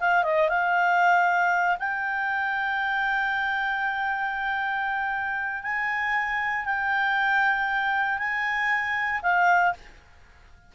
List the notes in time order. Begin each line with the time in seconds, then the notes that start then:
0.00 F5
0.23 D#5
0.49 F5
1.79 G5
5.63 G#5
6.65 G5
8.19 G#5
9.22 F5